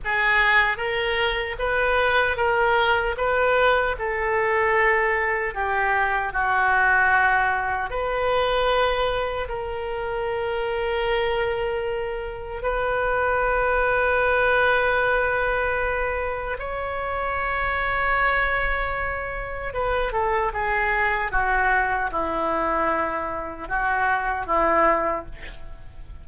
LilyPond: \new Staff \with { instrumentName = "oboe" } { \time 4/4 \tempo 4 = 76 gis'4 ais'4 b'4 ais'4 | b'4 a'2 g'4 | fis'2 b'2 | ais'1 |
b'1~ | b'4 cis''2.~ | cis''4 b'8 a'8 gis'4 fis'4 | e'2 fis'4 e'4 | }